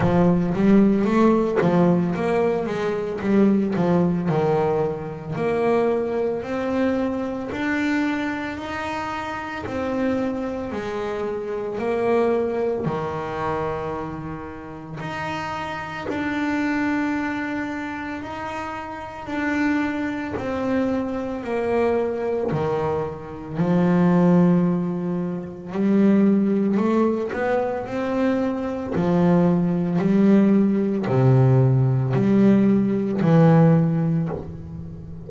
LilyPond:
\new Staff \with { instrumentName = "double bass" } { \time 4/4 \tempo 4 = 56 f8 g8 a8 f8 ais8 gis8 g8 f8 | dis4 ais4 c'4 d'4 | dis'4 c'4 gis4 ais4 | dis2 dis'4 d'4~ |
d'4 dis'4 d'4 c'4 | ais4 dis4 f2 | g4 a8 b8 c'4 f4 | g4 c4 g4 e4 | }